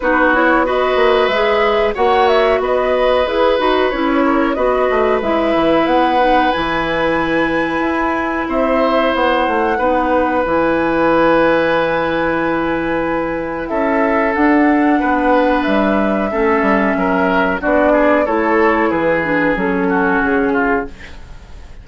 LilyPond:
<<
  \new Staff \with { instrumentName = "flute" } { \time 4/4 \tempo 4 = 92 b'8 cis''8 dis''4 e''4 fis''8 e''8 | dis''4 b'4 cis''4 dis''4 | e''4 fis''4 gis''2~ | gis''4 e''4 fis''2 |
gis''1~ | gis''4 e''4 fis''2 | e''2. d''4 | cis''4 b'4 a'4 gis'4 | }
  \new Staff \with { instrumentName = "oboe" } { \time 4/4 fis'4 b'2 cis''4 | b'2~ b'8 ais'8 b'4~ | b'1~ | b'4 c''2 b'4~ |
b'1~ | b'4 a'2 b'4~ | b'4 a'4 ais'4 fis'8 gis'8 | a'4 gis'4. fis'4 f'8 | }
  \new Staff \with { instrumentName = "clarinet" } { \time 4/4 dis'8 e'8 fis'4 gis'4 fis'4~ | fis'4 gis'8 fis'8 e'4 fis'4 | e'4. dis'8 e'2~ | e'2. dis'4 |
e'1~ | e'2 d'2~ | d'4 cis'2 d'4 | e'4. d'8 cis'2 | }
  \new Staff \with { instrumentName = "bassoon" } { \time 4/4 b4. ais8 gis4 ais4 | b4 e'8 dis'8 cis'4 b8 a8 | gis8 e8 b4 e2 | e'4 c'4 b8 a8 b4 |
e1~ | e4 cis'4 d'4 b4 | g4 a8 g8 fis4 b4 | a4 e4 fis4 cis4 | }
>>